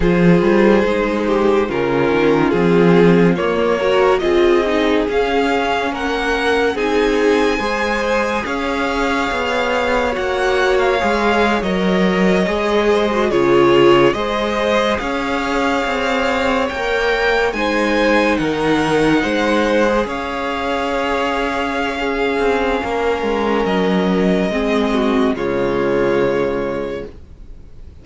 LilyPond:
<<
  \new Staff \with { instrumentName = "violin" } { \time 4/4 \tempo 4 = 71 c''2 ais'4 gis'4 | cis''4 dis''4 f''4 fis''4 | gis''2 f''2 | fis''8. f''4 dis''2 cis''16~ |
cis''8. dis''4 f''2 g''16~ | g''8. gis''4 fis''2 f''16~ | f''1 | dis''2 cis''2 | }
  \new Staff \with { instrumentName = "violin" } { \time 4/4 gis'4. g'8 f'2~ | f'8 ais'8 gis'2 ais'4 | gis'4 c''4 cis''2~ | cis''2.~ cis''16 c''8 gis'16~ |
gis'8. c''4 cis''2~ cis''16~ | cis''8. c''4 ais'4 c''4 cis''16~ | cis''2 gis'4 ais'4~ | ais'4 gis'8 fis'8 f'2 | }
  \new Staff \with { instrumentName = "viola" } { \time 4/4 f'4 dis'4 cis'4 c'4 | ais8 fis'8 f'8 dis'8 cis'2 | dis'4 gis'2. | fis'4 gis'8. ais'4 gis'8. fis'16 f'16~ |
f'8. gis'2. ais'16~ | ais'8. dis'2~ dis'8. gis'8~ | gis'2 cis'2~ | cis'4 c'4 gis2 | }
  \new Staff \with { instrumentName = "cello" } { \time 4/4 f8 g8 gis4 cis8 dis8 f4 | ais4 c'4 cis'4 ais4 | c'4 gis4 cis'4 b4 | ais4 gis8. fis4 gis4 cis16~ |
cis8. gis4 cis'4 c'4 ais16~ | ais8. gis4 dis4 gis4 cis'16~ | cis'2~ cis'8 c'8 ais8 gis8 | fis4 gis4 cis2 | }
>>